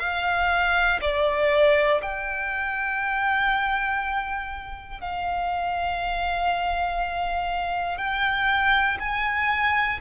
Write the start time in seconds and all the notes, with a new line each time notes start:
0.00 F5
1.02 D5
2.03 G5
5.01 F5
7.98 G5
9.00 G#5